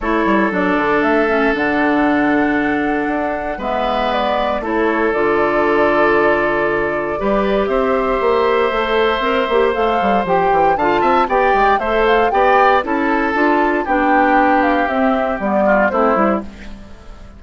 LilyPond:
<<
  \new Staff \with { instrumentName = "flute" } { \time 4/4 \tempo 4 = 117 cis''4 d''4 e''4 fis''4~ | fis''2. e''4 | d''4 cis''4 d''2~ | d''2. e''4~ |
e''2. f''4 | g''4 a''4 g''4 e''8 f''8 | g''4 a''2 g''4~ | g''8 f''8 e''4 d''4 c''4 | }
  \new Staff \with { instrumentName = "oboe" } { \time 4/4 a'1~ | a'2. b'4~ | b'4 a'2.~ | a'2 b'4 c''4~ |
c''1~ | c''4 f''8 e''8 d''4 c''4 | d''4 a'2 g'4~ | g'2~ g'8 f'8 e'4 | }
  \new Staff \with { instrumentName = "clarinet" } { \time 4/4 e'4 d'4. cis'8 d'4~ | d'2. b4~ | b4 e'4 f'2~ | f'2 g'2~ |
g'4 a'4 ais'8 g'8 a'4 | g'4 f'4 g'4 a'4 | g'4 e'4 f'4 d'4~ | d'4 c'4 b4 c'8 e'8 | }
  \new Staff \with { instrumentName = "bassoon" } { \time 4/4 a8 g8 fis8 d8 a4 d4~ | d2 d'4 gis4~ | gis4 a4 d2~ | d2 g4 c'4 |
ais4 a4 c'8 ais8 a8 g8 | f8 e8 d8 c'8 b8 gis8 a4 | b4 cis'4 d'4 b4~ | b4 c'4 g4 a8 g8 | }
>>